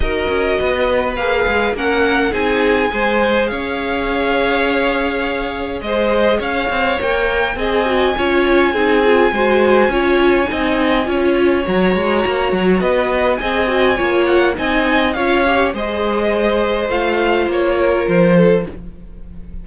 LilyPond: <<
  \new Staff \with { instrumentName = "violin" } { \time 4/4 \tempo 4 = 103 dis''2 f''4 fis''4 | gis''2 f''2~ | f''2 dis''4 f''4 | g''4 gis''2.~ |
gis''1 | ais''2 dis''4 gis''4~ | gis''8 fis''8 gis''4 f''4 dis''4~ | dis''4 f''4 cis''4 c''4 | }
  \new Staff \with { instrumentName = "violin" } { \time 4/4 ais'4 b'2 ais'4 | gis'4 c''4 cis''2~ | cis''2 c''4 cis''4~ | cis''4 dis''4 cis''4 gis'4 |
c''4 cis''4 dis''4 cis''4~ | cis''2 b'4 dis''4 | cis''4 dis''4 cis''4 c''4~ | c''2~ c''8 ais'4 a'8 | }
  \new Staff \with { instrumentName = "viola" } { \time 4/4 fis'2 gis'4 cis'4 | dis'4 gis'2.~ | gis'1 | ais'4 gis'8 fis'8 f'4 dis'8 f'8 |
fis'4 f'4 dis'4 f'4 | fis'2. gis'8 fis'8 | f'4 dis'4 f'8 g'8 gis'4~ | gis'4 f'2. | }
  \new Staff \with { instrumentName = "cello" } { \time 4/4 dis'8 cis'8 b4 ais8 gis8 ais4 | c'4 gis4 cis'2~ | cis'2 gis4 cis'8 c'8 | ais4 c'4 cis'4 c'4 |
gis4 cis'4 c'4 cis'4 | fis8 gis8 ais8 fis8 b4 c'4 | ais4 c'4 cis'4 gis4~ | gis4 a4 ais4 f4 | }
>>